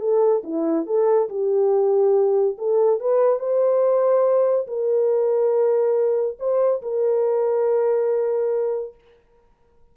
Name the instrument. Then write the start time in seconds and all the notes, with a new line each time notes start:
horn
0.00 A4
0.44 E4
0.86 A4
1.29 G4
2.58 A4
3.00 B4
3.39 C5
4.67 A#4
6.39 C5
6.82 A#4